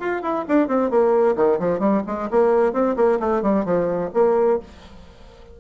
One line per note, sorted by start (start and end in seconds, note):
0.00 0.22 F4
0.22 0.45 E4
0.49 0.68 D4
0.68 0.90 C4
0.90 1.36 A#3
1.37 1.59 D#3
1.60 1.80 F3
1.80 2.03 G3
2.07 2.30 G#3
2.31 2.73 A#3
2.73 2.96 C4
2.97 3.20 A#3
3.20 3.42 A3
3.42 3.65 G3
3.65 4.11 F3
4.14 4.60 A#3